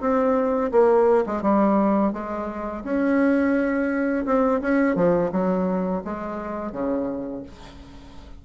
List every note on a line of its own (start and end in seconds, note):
0.00 0.71 C4
0.71 1.24 A#3
1.26 1.41 G#3
1.41 2.12 G3
2.12 2.83 G#3
2.84 4.25 C#4
4.25 4.60 C4
4.61 4.95 C#4
4.95 5.30 F3
5.32 6.02 F#3
6.04 6.72 G#3
6.72 7.42 C#3